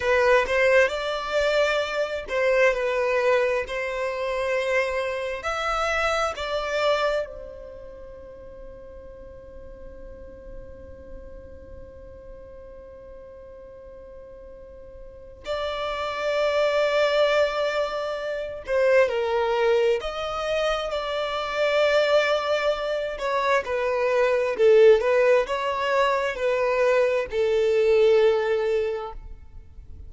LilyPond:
\new Staff \with { instrumentName = "violin" } { \time 4/4 \tempo 4 = 66 b'8 c''8 d''4. c''8 b'4 | c''2 e''4 d''4 | c''1~ | c''1~ |
c''4 d''2.~ | d''8 c''8 ais'4 dis''4 d''4~ | d''4. cis''8 b'4 a'8 b'8 | cis''4 b'4 a'2 | }